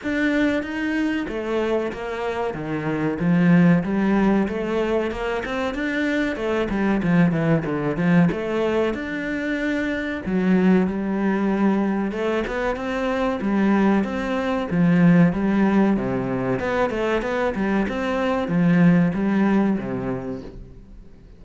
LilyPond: \new Staff \with { instrumentName = "cello" } { \time 4/4 \tempo 4 = 94 d'4 dis'4 a4 ais4 | dis4 f4 g4 a4 | ais8 c'8 d'4 a8 g8 f8 e8 | d8 f8 a4 d'2 |
fis4 g2 a8 b8 | c'4 g4 c'4 f4 | g4 c4 b8 a8 b8 g8 | c'4 f4 g4 c4 | }